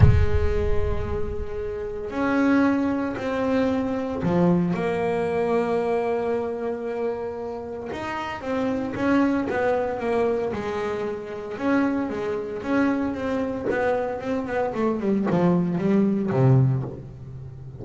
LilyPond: \new Staff \with { instrumentName = "double bass" } { \time 4/4 \tempo 4 = 114 gis1 | cis'2 c'2 | f4 ais2.~ | ais2. dis'4 |
c'4 cis'4 b4 ais4 | gis2 cis'4 gis4 | cis'4 c'4 b4 c'8 b8 | a8 g8 f4 g4 c4 | }